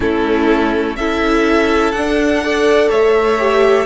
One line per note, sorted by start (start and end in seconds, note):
0.00 0.96 A3
0.00 0.97 C#4
0.00 0.97 E4
0.00 0.96 A4
0.96 1.93 C#4
0.96 1.96 E4
0.96 2.43 A4
0.96 1.92 E5
1.92 2.90 D4
1.92 2.42 D4
1.92 2.89 F#5
2.42 3.38 A4
2.42 2.89 D5
2.89 3.85 A3
2.89 3.85 C#5
2.89 3.85 E5
3.38 3.85 G4